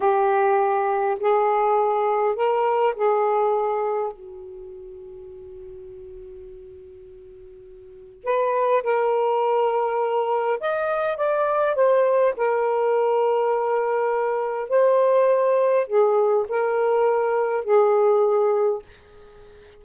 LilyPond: \new Staff \with { instrumentName = "saxophone" } { \time 4/4 \tempo 4 = 102 g'2 gis'2 | ais'4 gis'2 fis'4~ | fis'1~ | fis'2 b'4 ais'4~ |
ais'2 dis''4 d''4 | c''4 ais'2.~ | ais'4 c''2 gis'4 | ais'2 gis'2 | }